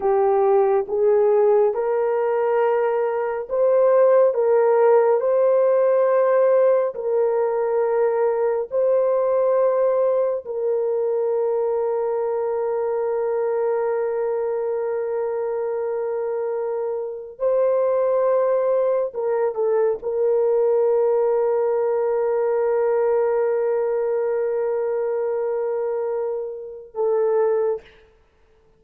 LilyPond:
\new Staff \with { instrumentName = "horn" } { \time 4/4 \tempo 4 = 69 g'4 gis'4 ais'2 | c''4 ais'4 c''2 | ais'2 c''2 | ais'1~ |
ais'1 | c''2 ais'8 a'8 ais'4~ | ais'1~ | ais'2. a'4 | }